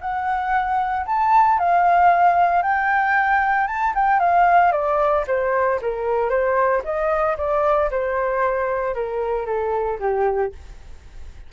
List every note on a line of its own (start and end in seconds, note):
0.00 1.05 F#5
1.06 1.58 A5
1.59 2.62 F5
2.62 3.67 G5
3.67 3.93 A5
3.95 4.19 G5
4.19 4.72 F5
4.72 5.25 D5
5.27 5.80 C5
5.82 6.29 A#4
6.29 6.82 C5
6.84 7.37 D#5
7.37 7.90 D5
7.91 8.94 C5
8.94 9.46 A#4
9.46 9.99 A4
10.00 10.52 G4